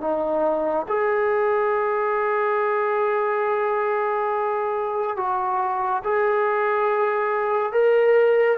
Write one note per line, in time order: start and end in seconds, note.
0.00 0.86 D#4
0.88 5.16 G#4
5.16 6.02 F#4
6.04 7.72 G#4
7.72 8.58 A#4